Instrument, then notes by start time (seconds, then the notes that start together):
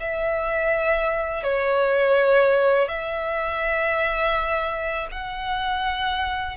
violin
0.00 E5
1.43 C#5
2.88 E5
5.12 F#5